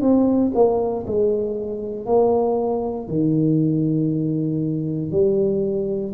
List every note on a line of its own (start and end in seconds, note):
0.00 0.51 C4
0.54 1.04 A#3
1.06 2.06 G#3
2.06 3.07 A#3
3.07 5.11 D#3
5.11 6.12 G3